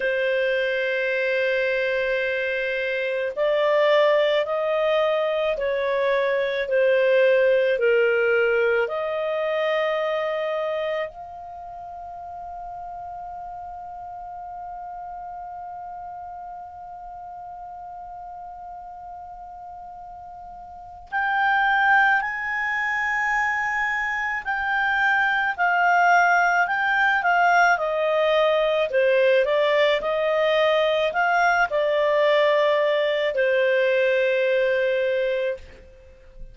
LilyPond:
\new Staff \with { instrumentName = "clarinet" } { \time 4/4 \tempo 4 = 54 c''2. d''4 | dis''4 cis''4 c''4 ais'4 | dis''2 f''2~ | f''1~ |
f''2. g''4 | gis''2 g''4 f''4 | g''8 f''8 dis''4 c''8 d''8 dis''4 | f''8 d''4. c''2 | }